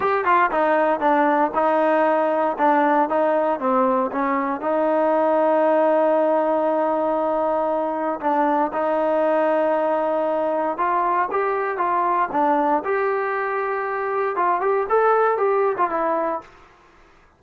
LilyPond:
\new Staff \with { instrumentName = "trombone" } { \time 4/4 \tempo 4 = 117 g'8 f'8 dis'4 d'4 dis'4~ | dis'4 d'4 dis'4 c'4 | cis'4 dis'2.~ | dis'1 |
d'4 dis'2.~ | dis'4 f'4 g'4 f'4 | d'4 g'2. | f'8 g'8 a'4 g'8. f'16 e'4 | }